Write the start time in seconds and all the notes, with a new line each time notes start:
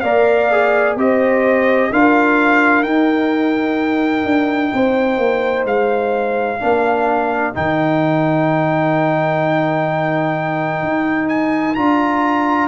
0.00 A#3 A#4 D5 F5
0.51 G#4
0.96 C4 G4 C5 D#5
1.92 D4 F4 A#4 F5
2.83 D#4 G5
4.25 D4
4.73 C4 C5
5.18 A#3
5.64 G#3 F5
6.60 A#3 D4 A#4
7.54 D#3 D#4 G5
10.82 D#4
11.29 G#5
11.74 D4 F4 A#5